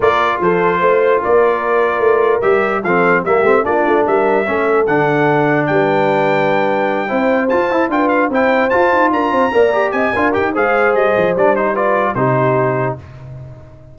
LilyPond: <<
  \new Staff \with { instrumentName = "trumpet" } { \time 4/4 \tempo 4 = 148 d''4 c''2 d''4~ | d''2 e''4 f''4 | e''4 d''4 e''2 | fis''2 g''2~ |
g''2~ g''8 a''4 g''8 | f''8 g''4 a''4 ais''4.~ | ais''8 gis''4 g''8 f''4 dis''4 | d''8 c''8 d''4 c''2 | }
  \new Staff \with { instrumentName = "horn" } { \time 4/4 ais'4 a'4 c''4 ais'4~ | ais'2. a'4 | g'4 f'4 ais'4 a'4~ | a'2 b'2~ |
b'4. c''2 b'8~ | b'8 c''2 ais'8 c''8 d''8~ | d''8 dis''8 ais'4 c''2~ | c''4 b'4 g'2 | }
  \new Staff \with { instrumentName = "trombone" } { \time 4/4 f'1~ | f'2 g'4 c'4 | ais8 c'8 d'2 cis'4 | d'1~ |
d'4. e'4 f'8 e'8 f'8~ | f'8 e'4 f'2 ais'8 | g'4 f'8 g'8 gis'2 | d'8 dis'8 f'4 dis'2 | }
  \new Staff \with { instrumentName = "tuba" } { \time 4/4 ais4 f4 a4 ais4~ | ais4 a4 g4 f4 | g8 a8 ais8 a8 g4 a4 | d2 g2~ |
g4. c'4 f'8 e'8 d'8~ | d'8 c'4 f'8 dis'8 d'8 c'8 ais8~ | ais8 c'8 d'8 dis'8 gis4 g8 f8 | g2 c2 | }
>>